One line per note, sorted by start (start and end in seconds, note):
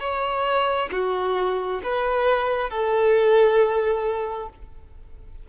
0.00 0.90 C#5
0.92 1.82 F#4
1.84 2.70 B4
2.70 4.49 A4